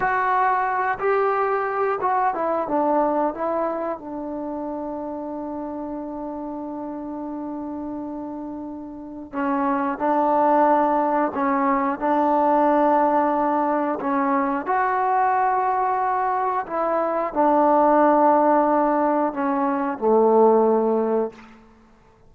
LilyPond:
\new Staff \with { instrumentName = "trombone" } { \time 4/4 \tempo 4 = 90 fis'4. g'4. fis'8 e'8 | d'4 e'4 d'2~ | d'1~ | d'2 cis'4 d'4~ |
d'4 cis'4 d'2~ | d'4 cis'4 fis'2~ | fis'4 e'4 d'2~ | d'4 cis'4 a2 | }